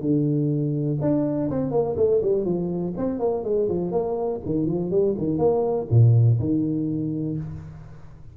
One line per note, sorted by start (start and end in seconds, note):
0.00 0.98 D3
1.00 1.49 D4
1.50 1.71 C4
1.71 1.95 A#3
1.96 2.20 A3
2.22 2.44 G3
2.44 2.93 F3
2.97 3.19 C4
3.19 3.43 A#3
3.43 3.68 G#3
3.68 3.91 F3
3.91 4.40 A#3
4.45 4.66 D#3
4.66 4.90 F3
4.90 5.14 G3
5.17 5.38 D#3
5.38 5.87 A#3
5.90 6.39 A#2
6.39 7.36 D#3